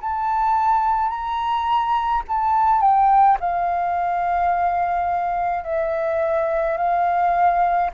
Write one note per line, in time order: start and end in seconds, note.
0.00 1.09 A5
1.09 2.22 A#5
2.28 2.81 A5
2.81 3.38 G5
3.40 5.64 F5
5.64 6.77 E5
6.77 7.90 F5